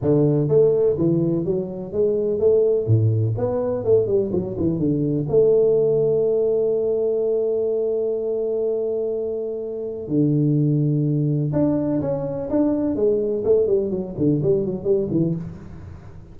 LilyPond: \new Staff \with { instrumentName = "tuba" } { \time 4/4 \tempo 4 = 125 d4 a4 e4 fis4 | gis4 a4 a,4 b4 | a8 g8 fis8 e8 d4 a4~ | a1~ |
a1~ | a4 d2. | d'4 cis'4 d'4 gis4 | a8 g8 fis8 d8 g8 fis8 g8 e8 | }